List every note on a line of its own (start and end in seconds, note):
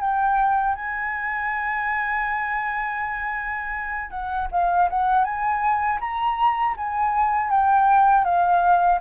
0.00 0.75 G5
0.75 4.10 G#5
4.10 4.48 F#5
4.52 4.89 F5
4.90 5.24 F#5
5.24 5.99 G#5
6.00 6.75 A#5
6.77 7.50 G#5
7.50 8.24 G5
8.24 8.99 F5